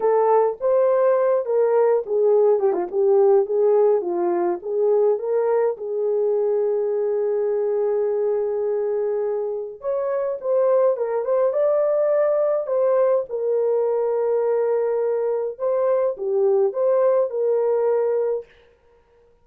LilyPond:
\new Staff \with { instrumentName = "horn" } { \time 4/4 \tempo 4 = 104 a'4 c''4. ais'4 gis'8~ | gis'8 g'16 f'16 g'4 gis'4 f'4 | gis'4 ais'4 gis'2~ | gis'1~ |
gis'4 cis''4 c''4 ais'8 c''8 | d''2 c''4 ais'4~ | ais'2. c''4 | g'4 c''4 ais'2 | }